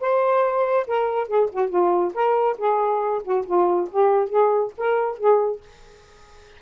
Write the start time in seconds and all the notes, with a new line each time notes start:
0.00 C5
0.87 A#4
1.28 G#4
1.52 F#4
1.69 F4
2.14 A#4
2.58 G#4
3.24 F#4
3.46 F4
3.91 G4
4.29 G#4
4.77 A#4
5.17 G#4